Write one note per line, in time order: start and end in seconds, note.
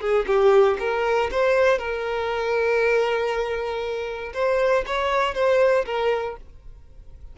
0.00 0.25 G#4
0.27 0.77 G4
0.79 1.30 A#4
1.31 1.78 C5
1.78 4.32 A#4
4.33 4.84 C5
4.86 5.34 C#5
5.34 5.85 C5
5.85 6.36 A#4